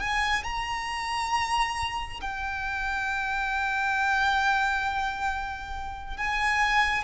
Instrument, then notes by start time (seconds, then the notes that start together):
violin
0.00 G#5
0.44 A#5
2.21 G5
6.17 G#5